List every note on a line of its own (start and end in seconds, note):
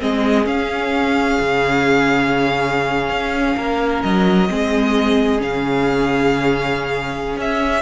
0.00 0.46 G#3
0.00 0.45 C4
0.00 3.57 G#4
0.00 0.47 D#5
0.45 4.48 C#4
0.45 1.39 C#4
0.45 4.03 F5
1.40 3.09 C#3
3.09 3.56 C#4
3.57 4.03 A#3
3.57 4.50 A#4
4.03 4.50 F#3
4.03 5.41 D#5
4.49 5.41 G#3
4.49 5.39 C4
4.49 7.82 G#4
5.39 7.37 C#3
5.39 7.81 C#4
5.39 7.39 F5
7.37 7.82 C#4
7.37 7.82 E5